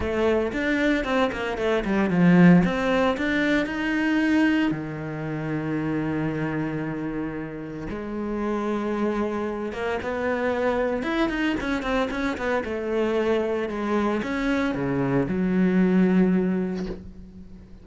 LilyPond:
\new Staff \with { instrumentName = "cello" } { \time 4/4 \tempo 4 = 114 a4 d'4 c'8 ais8 a8 g8 | f4 c'4 d'4 dis'4~ | dis'4 dis2.~ | dis2. gis4~ |
gis2~ gis8 ais8 b4~ | b4 e'8 dis'8 cis'8 c'8 cis'8 b8 | a2 gis4 cis'4 | cis4 fis2. | }